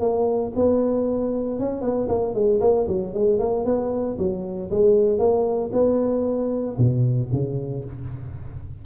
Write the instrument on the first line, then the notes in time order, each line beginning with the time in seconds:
tuba
0.00 A#3
0.55 B3
1.60 C#4
1.82 B3
2.09 A#3
2.34 G#3
2.61 A#3
2.88 F#3
3.14 G#3
3.39 A#3
3.65 B3
4.18 F#3
4.71 G#3
5.19 A#3
5.72 B3
6.78 B2
7.32 C#3